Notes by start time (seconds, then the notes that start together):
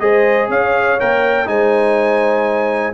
0.00 G#3 G#4 C5 D#5
0.49 C#4 C#5 F5
1.00 A#3 A#4 G5
1.46 G#3 D#4 C5 G#5